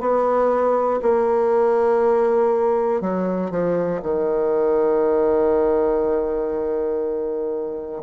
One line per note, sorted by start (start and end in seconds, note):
0.00 1.00 B3
1.02 3.01 A#3
3.01 3.50 F#3
3.50 4.00 F3
4.02 8.02 D#3